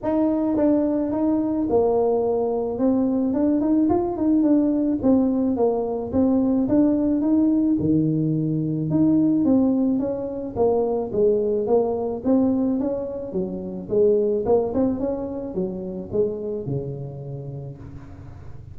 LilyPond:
\new Staff \with { instrumentName = "tuba" } { \time 4/4 \tempo 4 = 108 dis'4 d'4 dis'4 ais4~ | ais4 c'4 d'8 dis'8 f'8 dis'8 | d'4 c'4 ais4 c'4 | d'4 dis'4 dis2 |
dis'4 c'4 cis'4 ais4 | gis4 ais4 c'4 cis'4 | fis4 gis4 ais8 c'8 cis'4 | fis4 gis4 cis2 | }